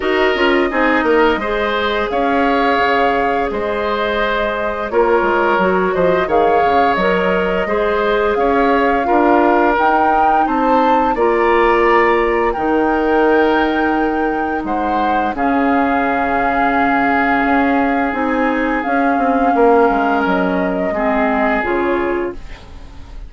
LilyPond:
<<
  \new Staff \with { instrumentName = "flute" } { \time 4/4 \tempo 4 = 86 dis''2. f''4~ | f''4 dis''2 cis''4~ | cis''8 dis''8 f''4 dis''2 | f''2 g''4 a''4 |
ais''2 g''2~ | g''4 fis''4 f''2~ | f''2 gis''4 f''4~ | f''4 dis''2 cis''4 | }
  \new Staff \with { instrumentName = "oboe" } { \time 4/4 ais'4 gis'8 ais'8 c''4 cis''4~ | cis''4 c''2 ais'4~ | ais'8 c''8 cis''2 c''4 | cis''4 ais'2 c''4 |
d''2 ais'2~ | ais'4 c''4 gis'2~ | gis'1 | ais'2 gis'2 | }
  \new Staff \with { instrumentName = "clarinet" } { \time 4/4 fis'8 f'8 dis'4 gis'2~ | gis'2. f'4 | fis'4 gis'4 ais'4 gis'4~ | gis'4 f'4 dis'2 |
f'2 dis'2~ | dis'2 cis'2~ | cis'2 dis'4 cis'4~ | cis'2 c'4 f'4 | }
  \new Staff \with { instrumentName = "bassoon" } { \time 4/4 dis'8 cis'8 c'8 ais8 gis4 cis'4 | cis4 gis2 ais8 gis8 | fis8 f8 dis8 cis8 fis4 gis4 | cis'4 d'4 dis'4 c'4 |
ais2 dis2~ | dis4 gis4 cis2~ | cis4 cis'4 c'4 cis'8 c'8 | ais8 gis8 fis4 gis4 cis4 | }
>>